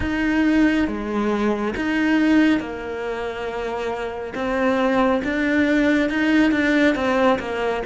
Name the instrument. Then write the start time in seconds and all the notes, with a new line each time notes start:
cello
0.00 D#4
0.87 G#3
1.76 D#4
2.59 A#3
4.34 C4
5.24 D4
6.09 D#4
6.51 D4
6.95 C4
7.39 A#3